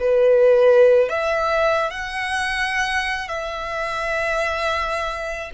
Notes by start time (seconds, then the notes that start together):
0.00 B4
1.09 E5
1.91 F#5
3.28 E5